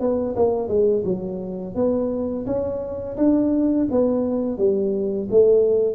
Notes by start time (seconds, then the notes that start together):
0.00 B3
0.36 A#3
0.68 G#3
1.05 F#3
1.75 B3
2.46 C#4
3.17 D4
3.91 B3
4.58 G3
5.30 A3